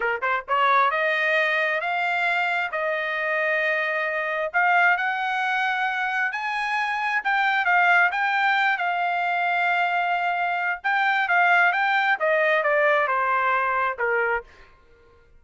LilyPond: \new Staff \with { instrumentName = "trumpet" } { \time 4/4 \tempo 4 = 133 ais'8 c''8 cis''4 dis''2 | f''2 dis''2~ | dis''2 f''4 fis''4~ | fis''2 gis''2 |
g''4 f''4 g''4. f''8~ | f''1 | g''4 f''4 g''4 dis''4 | d''4 c''2 ais'4 | }